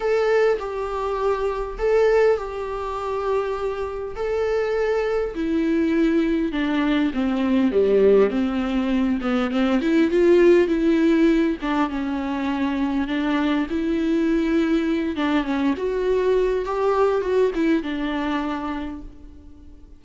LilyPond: \new Staff \with { instrumentName = "viola" } { \time 4/4 \tempo 4 = 101 a'4 g'2 a'4 | g'2. a'4~ | a'4 e'2 d'4 | c'4 g4 c'4. b8 |
c'8 e'8 f'4 e'4. d'8 | cis'2 d'4 e'4~ | e'4. d'8 cis'8 fis'4. | g'4 fis'8 e'8 d'2 | }